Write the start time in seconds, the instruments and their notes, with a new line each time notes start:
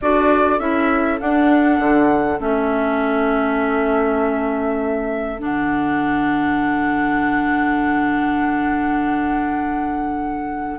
0.01 bassoon D4, clarinet F#4, oboe A4, flute D5
0.59 bassoon C#4, clarinet E4, flute E5
1.19 clarinet D4, bassoon D4, flute F#5
1.79 bassoon D3
2.38 bassoon A3, clarinet C#4, flute E5
5.38 bassoon D3, clarinet D4, flute F#5